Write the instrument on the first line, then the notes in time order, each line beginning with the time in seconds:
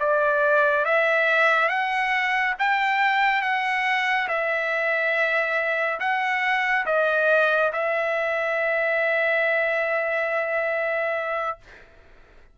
trumpet
0.00 D5
0.85 E5
1.69 F#5
2.59 G5
3.42 F#5
4.29 E5
6.00 F#5
6.86 D#5
7.73 E5